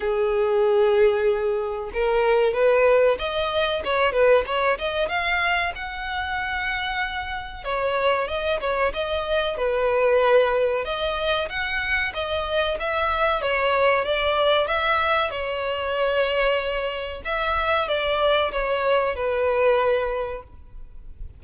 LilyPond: \new Staff \with { instrumentName = "violin" } { \time 4/4 \tempo 4 = 94 gis'2. ais'4 | b'4 dis''4 cis''8 b'8 cis''8 dis''8 | f''4 fis''2. | cis''4 dis''8 cis''8 dis''4 b'4~ |
b'4 dis''4 fis''4 dis''4 | e''4 cis''4 d''4 e''4 | cis''2. e''4 | d''4 cis''4 b'2 | }